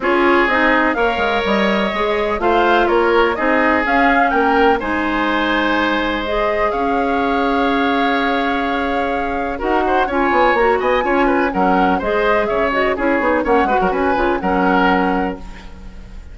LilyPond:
<<
  \new Staff \with { instrumentName = "flute" } { \time 4/4 \tempo 4 = 125 cis''4 dis''4 f''4 dis''4~ | dis''4 f''4 cis''4 dis''4 | f''4 g''4 gis''2~ | gis''4 dis''4 f''2~ |
f''1 | fis''4 gis''4 ais''8 gis''4. | fis''4 dis''4 e''8 dis''8 cis''4 | fis''4 gis''4 fis''2 | }
  \new Staff \with { instrumentName = "oboe" } { \time 4/4 gis'2 cis''2~ | cis''4 c''4 ais'4 gis'4~ | gis'4 ais'4 c''2~ | c''2 cis''2~ |
cis''1 | ais'8 c''8 cis''4. dis''8 cis''8 b'8 | ais'4 c''4 cis''4 gis'4 | cis''8 b'16 ais'16 b'4 ais'2 | }
  \new Staff \with { instrumentName = "clarinet" } { \time 4/4 f'4 dis'4 ais'2 | gis'4 f'2 dis'4 | cis'2 dis'2~ | dis'4 gis'2.~ |
gis'1 | fis'4 f'4 fis'4 f'4 | cis'4 gis'4. fis'8 e'8 dis'8 | cis'8 fis'4 f'8 cis'2 | }
  \new Staff \with { instrumentName = "bassoon" } { \time 4/4 cis'4 c'4 ais8 gis8 g4 | gis4 a4 ais4 c'4 | cis'4 ais4 gis2~ | gis2 cis'2~ |
cis'1 | dis'4 cis'8 b8 ais8 b8 cis'4 | fis4 gis4 cis4 cis'8 b8 | ais8 gis16 fis16 cis'8 cis8 fis2 | }
>>